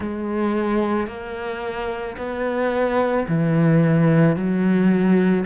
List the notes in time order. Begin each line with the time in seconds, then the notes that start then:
0.00 G#3
1.07 A#3
2.17 B3
3.28 E3
4.35 F#3